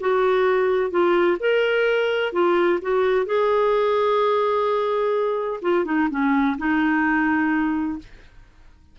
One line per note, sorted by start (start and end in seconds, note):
0.00 0.90 F#4
0.90 1.37 F4
1.39 2.32 A#4
2.32 2.79 F4
2.81 3.25 F#4
3.25 5.60 G#4
5.61 5.85 F4
5.85 6.08 D#4
6.10 6.57 C#4
6.57 7.98 D#4